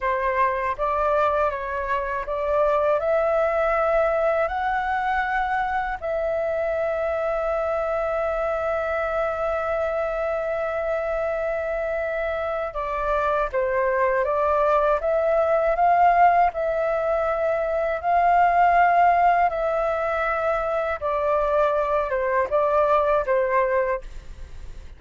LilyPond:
\new Staff \with { instrumentName = "flute" } { \time 4/4 \tempo 4 = 80 c''4 d''4 cis''4 d''4 | e''2 fis''2 | e''1~ | e''1~ |
e''4 d''4 c''4 d''4 | e''4 f''4 e''2 | f''2 e''2 | d''4. c''8 d''4 c''4 | }